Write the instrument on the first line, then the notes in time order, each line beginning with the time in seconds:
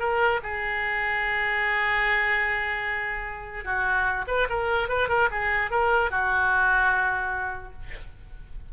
oboe
0.00 A#4
0.43 G#4
3.65 F#4
4.28 B4
4.50 A#4
4.89 B4
5.09 A#4
5.31 G#4
5.71 A#4
6.11 F#4